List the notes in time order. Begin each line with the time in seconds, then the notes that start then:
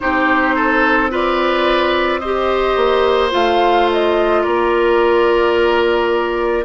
0.00 C4 D#4 G4 C5
0.55 A4
1.10 F4 B4 D5
2.18 G4 C5 D#5
2.76 A#3
3.30 A3 F4 F5
3.91 D#5
4.42 A#3 A#4 D5